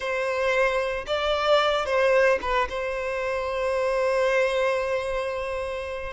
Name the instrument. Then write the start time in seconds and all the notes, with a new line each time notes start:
violin
0.00 C5
1.06 D5
1.85 C5
2.41 B4
2.69 C5